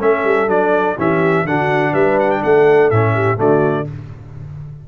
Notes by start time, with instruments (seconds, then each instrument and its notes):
0.00 tuba A3, trombone C#4, horn A4, trumpet E5
0.24 tuba G3
0.48 tuba F#3, trombone D4, trumpet D5
0.98 tuba E3, trombone C#4, horn G4, trumpet E5
1.44 tuba D3, trombone D4, horn F#4, trumpet F#5
1.93 tuba G3, horn B4, trumpet E5
2.20 trumpet F#5
2.31 trumpet G5
2.43 tuba A3, horn A4, trumpet F#5
2.91 tuba A2, trombone C#4, trumpet E5
3.15 horn G4
3.37 tuba D3, trombone A3, horn F#4, trumpet D5